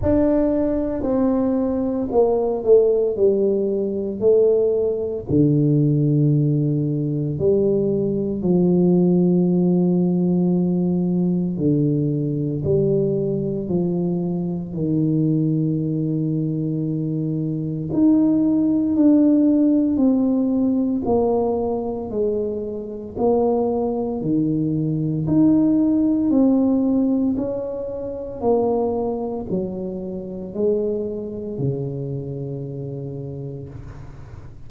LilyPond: \new Staff \with { instrumentName = "tuba" } { \time 4/4 \tempo 4 = 57 d'4 c'4 ais8 a8 g4 | a4 d2 g4 | f2. d4 | g4 f4 dis2~ |
dis4 dis'4 d'4 c'4 | ais4 gis4 ais4 dis4 | dis'4 c'4 cis'4 ais4 | fis4 gis4 cis2 | }